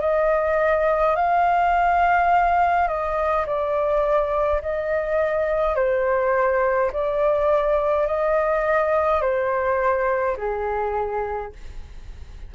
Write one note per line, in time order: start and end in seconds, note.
0.00 1.15 D#5
1.15 2.87 F5
2.87 3.45 D#5
3.46 4.61 D5
4.62 5.75 D#5
5.75 6.91 C5
6.92 8.07 D5
8.07 9.21 D#5
9.21 10.36 C5
10.37 11.52 G#4